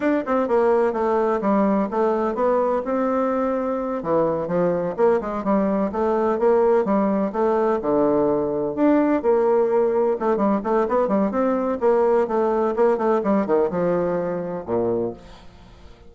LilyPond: \new Staff \with { instrumentName = "bassoon" } { \time 4/4 \tempo 4 = 127 d'8 c'8 ais4 a4 g4 | a4 b4 c'2~ | c'8 e4 f4 ais8 gis8 g8~ | g8 a4 ais4 g4 a8~ |
a8 d2 d'4 ais8~ | ais4. a8 g8 a8 b8 g8 | c'4 ais4 a4 ais8 a8 | g8 dis8 f2 ais,4 | }